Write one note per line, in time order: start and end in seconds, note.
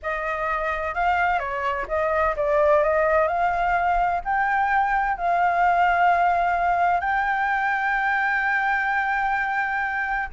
0.02 0.94 D#5
0.94 1.39 F5
1.39 1.86 C#5
1.88 2.35 D#5
2.36 2.83 D5
2.83 3.27 D#5
3.27 4.21 F5
4.24 5.17 G5
5.17 7.00 F5
7.00 10.28 G5